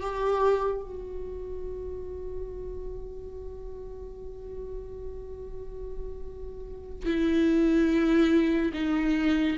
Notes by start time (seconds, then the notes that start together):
0.00 G4
0.81 F#4
7.05 E4
8.73 D#4